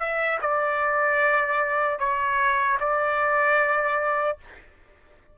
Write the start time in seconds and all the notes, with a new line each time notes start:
0.00 E5
0.42 D5
2.00 C#5
2.80 D5